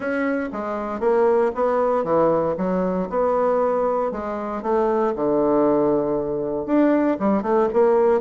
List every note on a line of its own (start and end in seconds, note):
0.00 0.49 C#4
0.52 1.00 G#3
1.00 1.51 A#3
1.55 2.04 B3
2.04 2.55 E3
2.57 3.09 F#3
3.09 4.11 B3
4.11 4.62 G#3
4.62 5.13 A3
5.15 6.65 D3
6.65 7.17 D4
7.19 7.42 G3
7.42 7.68 A3
7.73 8.21 A#3